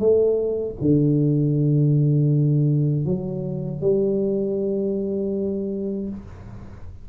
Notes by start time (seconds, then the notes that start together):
0.00 A3
0.81 D3
3.06 F#3
3.81 G3